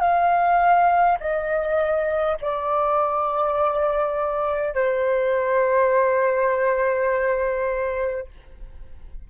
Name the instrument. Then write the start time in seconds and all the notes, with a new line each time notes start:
flute
0.00 F5
1.20 D#5
2.41 D5
4.74 C5